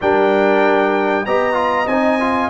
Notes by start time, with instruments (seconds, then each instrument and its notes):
0.01 tuba G3, trombone D4, horn A#4, trumpet G5
1.25 tuba B3, trombone G4, horn D#5, trumpet A#5
1.53 trombone F4
1.86 tuba C4, trombone D#4, trumpet G#5
2.19 trombone F4